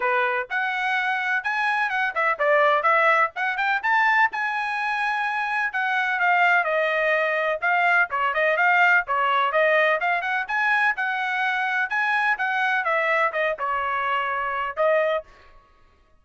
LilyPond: \new Staff \with { instrumentName = "trumpet" } { \time 4/4 \tempo 4 = 126 b'4 fis''2 gis''4 | fis''8 e''8 d''4 e''4 fis''8 g''8 | a''4 gis''2. | fis''4 f''4 dis''2 |
f''4 cis''8 dis''8 f''4 cis''4 | dis''4 f''8 fis''8 gis''4 fis''4~ | fis''4 gis''4 fis''4 e''4 | dis''8 cis''2~ cis''8 dis''4 | }